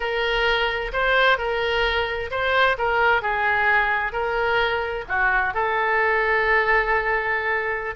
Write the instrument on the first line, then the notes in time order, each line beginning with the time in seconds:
oboe
0.00 A#4
0.92 C5
1.38 A#4
2.30 C5
2.78 A#4
3.21 G#4
4.12 A#4
5.08 F#4
5.54 A4